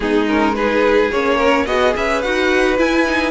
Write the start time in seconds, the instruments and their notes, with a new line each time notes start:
0.00 cello G#3, viola B3, violin D#4 G#4
0.28 viola C#4, violin A#4
0.55 viola D#4, violin G#4 B4
1.11 cello A#3, viola C#4, violin C#5
1.37 violin A#4
1.66 cello B3, violin F#4 D#5, viola G#4
1.96 cello C#4, violin B4 E5
2.21 cello D#4, viola F#4, violin F#5
2.77 viola E4, cello E4, violin G#5
3.06 viola D#4